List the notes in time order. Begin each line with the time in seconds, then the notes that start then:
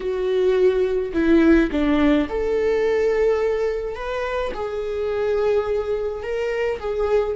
0.00 F#4
1.13 E4
1.71 D4
2.29 A4
3.95 B4
4.54 G#4
6.22 A#4
6.79 G#4